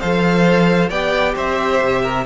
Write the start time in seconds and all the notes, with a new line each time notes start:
0.00 F3 A4 C5 F5
0.90 B3 G4 D5 G5
1.35 C4 C5 E5
1.83 C3
2.03 A#4